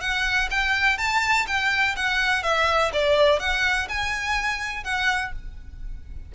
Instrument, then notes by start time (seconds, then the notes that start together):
violin
0.00 F#5
0.50 G5
0.98 A5
1.47 G5
1.96 F#5
2.43 E5
2.93 D5
3.39 F#5
3.88 G#5
4.83 F#5